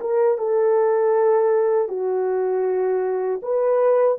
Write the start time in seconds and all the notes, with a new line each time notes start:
0.00 A#4
0.38 A4
1.88 F#4
3.42 B4